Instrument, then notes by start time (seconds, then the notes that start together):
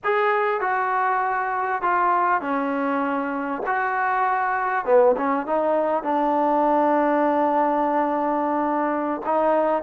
trombone
0.04 G#4
0.61 F#4
1.82 F4
2.41 C#4
3.66 F#4
4.85 B3
5.17 C#4
5.46 D#4
6.03 D4
9.25 D#4